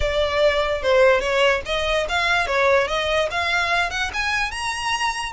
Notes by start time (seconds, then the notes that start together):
0.00 D5
0.82 C5
1.20 C#5
1.65 D#5
2.08 F5
2.46 C#5
2.87 D#5
3.30 F5
3.90 F#5
4.13 G#5
4.51 A#5